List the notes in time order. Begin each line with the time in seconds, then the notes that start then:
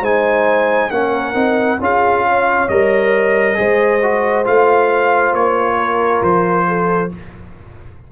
0.00 G#3 D#4 C5 G#5
0.90 A#3 C#4 A#4 F#5
1.33 C4 D#4
1.80 C#4 F4 G#4 F5
2.25 C#5
2.68 G3 A#4 D#5
3.54 G#3 G#4 C5
4.02 F#4
4.44 A3 F4 F5
5.33 A#3 C#5
5.77 A#4
6.22 F3 C5
6.67 A4